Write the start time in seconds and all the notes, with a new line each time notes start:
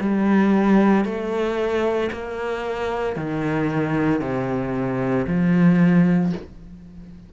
0.00 G3
1.04 A3
2.12 A#3
3.16 D#3
4.21 C3
5.27 F3